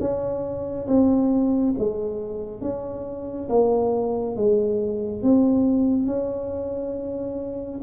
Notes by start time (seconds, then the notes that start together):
0.00 C#4
0.87 C4
1.78 G#3
2.61 C#4
3.49 A#3
4.36 G#3
5.22 C4
6.06 C#4